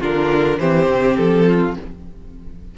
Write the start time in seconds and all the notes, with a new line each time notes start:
0.00 D3 D4 F4 A#4
0.59 E3 C4 G4 C5
0.86 C3
1.16 F3 A4
1.46 F4